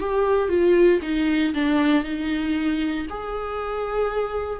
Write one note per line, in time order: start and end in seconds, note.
0.00 0.49 G4
0.49 1.00 F4
1.02 1.54 D#4
1.54 2.04 D4
2.04 3.07 D#4
3.10 4.59 G#4